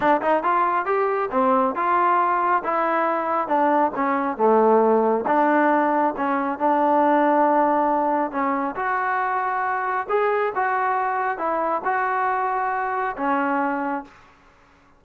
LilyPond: \new Staff \with { instrumentName = "trombone" } { \time 4/4 \tempo 4 = 137 d'8 dis'8 f'4 g'4 c'4 | f'2 e'2 | d'4 cis'4 a2 | d'2 cis'4 d'4~ |
d'2. cis'4 | fis'2. gis'4 | fis'2 e'4 fis'4~ | fis'2 cis'2 | }